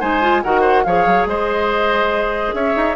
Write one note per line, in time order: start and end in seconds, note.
0.00 0.44 G#3
0.00 0.22 D#4
0.00 0.42 C5
0.00 0.43 G#5
0.22 0.43 F4
0.43 0.86 D#3
0.43 0.86 F#4
0.43 0.61 A#4
0.43 0.84 F#5
0.61 0.82 C5
0.84 1.06 F3
0.84 2.96 G#4
0.84 1.29 C#5
0.84 1.26 F5
1.06 1.26 F#3
1.26 2.53 G#3
1.26 2.55 C5
1.26 2.54 D#5
2.54 2.75 C#4
2.54 2.96 C#5
2.54 2.96 E5
2.76 2.96 D#4